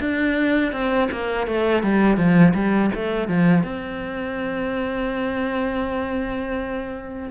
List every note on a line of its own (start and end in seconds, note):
0.00 0.73 D4
0.73 1.09 C4
1.12 1.47 A#3
1.47 1.83 A3
1.83 2.17 G3
2.17 2.54 F3
2.54 2.91 G3
2.95 3.28 A3
3.28 3.64 F3
3.64 7.29 C4